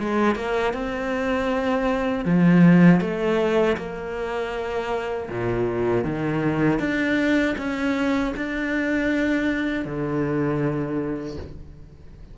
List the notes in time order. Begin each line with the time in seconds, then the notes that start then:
0.00 G#3
0.36 A#3
0.74 C4
2.25 F3
3.01 A3
3.78 A#3
5.30 A#2
6.04 D#3
6.80 D4
7.58 C#4
8.37 D4
9.86 D3